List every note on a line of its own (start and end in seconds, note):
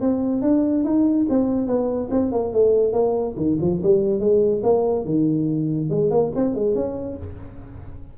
0.00 0.41 C4
0.41 0.84 D4
0.84 1.26 D#4
1.29 1.67 C4
1.67 2.09 B3
2.10 2.31 C4
2.31 2.52 A#3
2.52 2.92 A3
2.92 3.35 A#3
3.36 3.57 D#3
3.61 3.82 F3
3.83 4.19 G3
4.19 4.62 G#3
4.62 5.05 A#3
5.05 5.89 D#3
5.89 6.10 G#3
6.10 6.31 A#3
6.35 6.54 C4
6.54 6.75 G#3
6.75 7.17 C#4